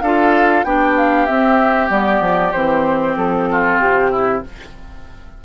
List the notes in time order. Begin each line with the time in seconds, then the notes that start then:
0.00 D4 F4 A4 F5
0.63 B3 D4 G4 G5
0.97 F5
1.26 C4 E5
1.88 G3 B3 D5
2.20 F3
2.52 E3 C4 C5
3.16 F3 A4
3.51 F4
3.79 C3 G4
4.11 E4